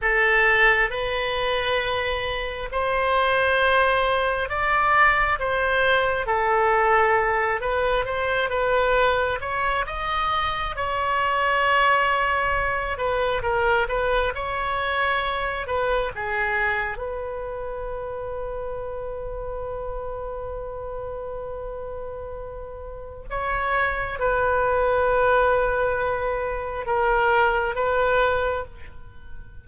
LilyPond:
\new Staff \with { instrumentName = "oboe" } { \time 4/4 \tempo 4 = 67 a'4 b'2 c''4~ | c''4 d''4 c''4 a'4~ | a'8 b'8 c''8 b'4 cis''8 dis''4 | cis''2~ cis''8 b'8 ais'8 b'8 |
cis''4. b'8 gis'4 b'4~ | b'1~ | b'2 cis''4 b'4~ | b'2 ais'4 b'4 | }